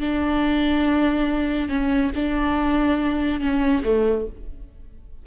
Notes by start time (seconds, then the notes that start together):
0.00 D4
1.69 C#4
2.15 D4
3.40 C#4
3.84 A3